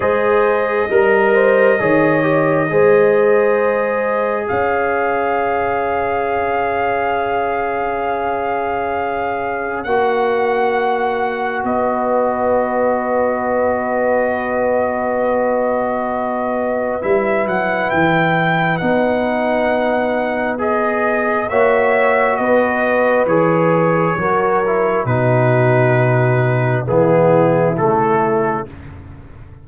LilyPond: <<
  \new Staff \with { instrumentName = "trumpet" } { \time 4/4 \tempo 4 = 67 dis''1~ | dis''4 f''2.~ | f''2. fis''4~ | fis''4 dis''2.~ |
dis''2. e''8 fis''8 | g''4 fis''2 dis''4 | e''4 dis''4 cis''2 | b'2 gis'4 a'4 | }
  \new Staff \with { instrumentName = "horn" } { \time 4/4 c''4 ais'8 c''8 cis''4 c''4~ | c''4 cis''2.~ | cis''1~ | cis''4 b'2.~ |
b'1~ | b'1 | cis''4 b'2 ais'4 | fis'2 e'2 | }
  \new Staff \with { instrumentName = "trombone" } { \time 4/4 gis'4 ais'4 gis'8 g'8 gis'4~ | gis'1~ | gis'2. fis'4~ | fis'1~ |
fis'2. e'4~ | e'4 dis'2 gis'4 | fis'2 gis'4 fis'8 e'8 | dis'2 b4 a4 | }
  \new Staff \with { instrumentName = "tuba" } { \time 4/4 gis4 g4 dis4 gis4~ | gis4 cis'2.~ | cis'2. ais4~ | ais4 b2.~ |
b2. g8 fis8 | e4 b2. | ais4 b4 e4 fis4 | b,2 e4 cis4 | }
>>